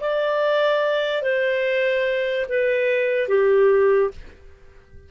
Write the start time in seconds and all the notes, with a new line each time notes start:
0.00 D5
1.22 C5
2.48 B4
3.28 G4